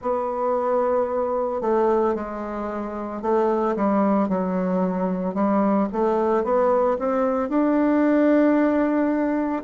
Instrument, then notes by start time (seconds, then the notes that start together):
bassoon
0.01 B3
1.61 A3
2.14 G#3
3.21 A3
3.75 G3
4.29 F#3
5.34 G3
5.92 A3
6.43 B3
6.98 C4
7.49 D4